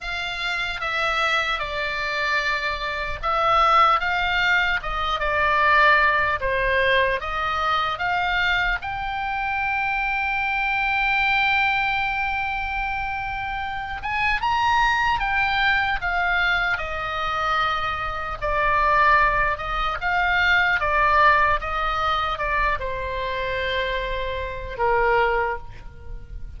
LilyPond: \new Staff \with { instrumentName = "oboe" } { \time 4/4 \tempo 4 = 75 f''4 e''4 d''2 | e''4 f''4 dis''8 d''4. | c''4 dis''4 f''4 g''4~ | g''1~ |
g''4. gis''8 ais''4 g''4 | f''4 dis''2 d''4~ | d''8 dis''8 f''4 d''4 dis''4 | d''8 c''2~ c''8 ais'4 | }